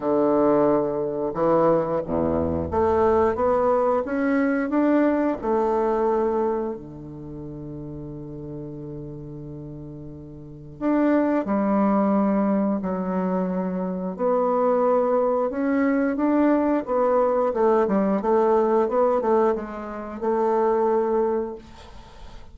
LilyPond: \new Staff \with { instrumentName = "bassoon" } { \time 4/4 \tempo 4 = 89 d2 e4 e,4 | a4 b4 cis'4 d'4 | a2 d2~ | d1 |
d'4 g2 fis4~ | fis4 b2 cis'4 | d'4 b4 a8 g8 a4 | b8 a8 gis4 a2 | }